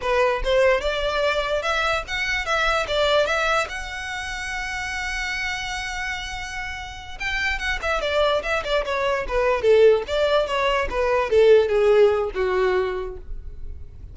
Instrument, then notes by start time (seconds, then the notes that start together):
violin
0.01 B4
0.44 C5
0.80 D5
1.62 E5
2.07 F#5
2.45 E5
2.87 D5
3.26 E5
3.68 F#5
7.19 G5
7.58 F#5
7.82 E5
8.01 D5
8.42 E5
8.64 D5
8.85 C#5
9.28 B4
9.62 A4
10.07 D5
10.46 C#5
10.90 B4
11.29 A4
11.69 G#4
12.34 F#4